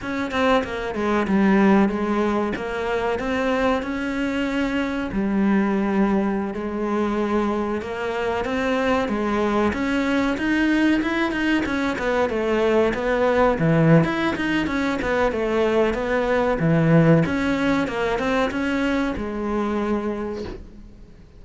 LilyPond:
\new Staff \with { instrumentName = "cello" } { \time 4/4 \tempo 4 = 94 cis'8 c'8 ais8 gis8 g4 gis4 | ais4 c'4 cis'2 | g2~ g16 gis4.~ gis16~ | gis16 ais4 c'4 gis4 cis'8.~ |
cis'16 dis'4 e'8 dis'8 cis'8 b8 a8.~ | a16 b4 e8. e'8 dis'8 cis'8 b8 | a4 b4 e4 cis'4 | ais8 c'8 cis'4 gis2 | }